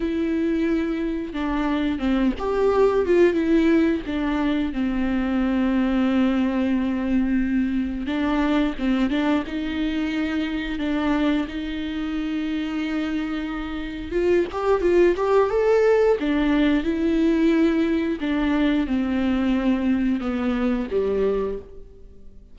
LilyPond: \new Staff \with { instrumentName = "viola" } { \time 4/4 \tempo 4 = 89 e'2 d'4 c'8 g'8~ | g'8 f'8 e'4 d'4 c'4~ | c'1 | d'4 c'8 d'8 dis'2 |
d'4 dis'2.~ | dis'4 f'8 g'8 f'8 g'8 a'4 | d'4 e'2 d'4 | c'2 b4 g4 | }